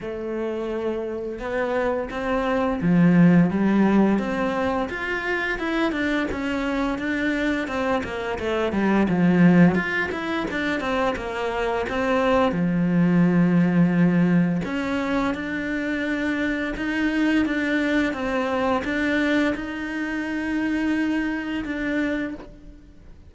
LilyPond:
\new Staff \with { instrumentName = "cello" } { \time 4/4 \tempo 4 = 86 a2 b4 c'4 | f4 g4 c'4 f'4 | e'8 d'8 cis'4 d'4 c'8 ais8 | a8 g8 f4 f'8 e'8 d'8 c'8 |
ais4 c'4 f2~ | f4 cis'4 d'2 | dis'4 d'4 c'4 d'4 | dis'2. d'4 | }